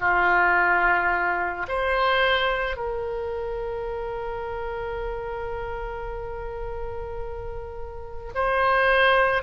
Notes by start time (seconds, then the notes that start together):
0.00 F4
1.68 C5
2.77 A#4
8.35 C5